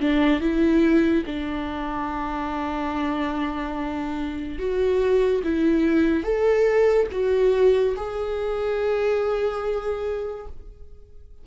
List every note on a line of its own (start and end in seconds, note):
0.00 0.41 D4
0.41 1.24 E4
1.26 4.59 D4
4.59 5.42 F#4
5.44 6.23 E4
6.23 7.07 A4
7.12 7.95 F#4
7.97 10.47 G#4